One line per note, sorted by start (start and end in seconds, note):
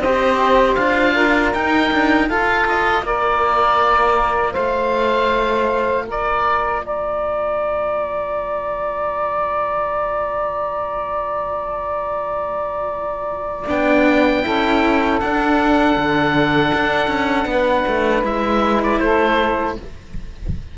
0.00 0.76 C4
0.00 0.81 G4
0.00 1.14 C5
0.00 0.75 D#5
0.75 1.54 D4
0.75 1.54 F4
0.75 1.51 F5
1.14 2.28 A#4
1.54 1.92 D#4
1.54 2.31 D#4
1.54 2.30 G5
1.92 2.26 D4
2.26 13.66 F4
2.26 3.03 F4
2.26 3.04 A4
2.26 2.68 F5
2.69 3.06 D#5
3.03 4.55 A#3
3.03 4.53 A#4
3.03 4.54 D5
4.53 6.08 A3
4.53 6.05 C5
4.53 6.06 F5
6.08 13.67 A#3
6.08 6.84 A#4
6.08 6.86 D5
6.85 14.45 D5
6.85 13.69 A#5
13.68 14.45 B3
13.68 14.44 D4
13.68 15.21 G5
14.44 15.22 C#4
14.44 15.20 E4
14.44 17.49 A4
15.21 15.97 D4
15.21 18.24 D4
15.21 18.25 F#5
15.97 16.73 D3
16.74 17.08 D4
17.08 17.46 C#4
17.46 17.84 B3
17.46 19.02 B4
17.88 18.24 A3
18.24 19.00 G#3
18.24 19.76 E4
18.24 18.83 E5
18.83 19.00 D5
19.00 19.77 A3
19.00 19.78 A4
19.00 19.76 C5